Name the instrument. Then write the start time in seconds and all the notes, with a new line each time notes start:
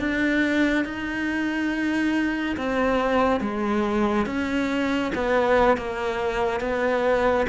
cello
0.00 D4
0.85 D#4
2.57 C4
3.41 G#3
4.26 C#4
5.15 B3
5.77 A#3
6.61 B3